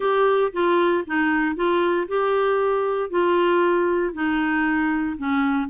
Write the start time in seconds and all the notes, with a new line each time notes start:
0.00 G4
0.52 F4
1.06 D#4
1.55 F4
2.07 G4
3.10 F4
4.13 D#4
5.17 C#4